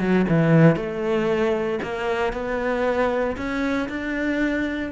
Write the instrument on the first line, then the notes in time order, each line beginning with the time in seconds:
cello
0.00 F#3
0.29 E3
0.76 A3
1.83 A#3
2.33 B3
3.37 C#4
3.89 D4